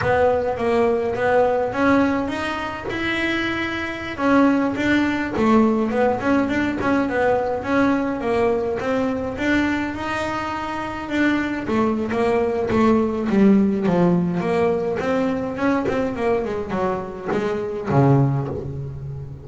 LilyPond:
\new Staff \with { instrumentName = "double bass" } { \time 4/4 \tempo 4 = 104 b4 ais4 b4 cis'4 | dis'4 e'2~ e'16 cis'8.~ | cis'16 d'4 a4 b8 cis'8 d'8 cis'16~ | cis'16 b4 cis'4 ais4 c'8.~ |
c'16 d'4 dis'2 d'8.~ | d'16 a8. ais4 a4 g4 | f4 ais4 c'4 cis'8 c'8 | ais8 gis8 fis4 gis4 cis4 | }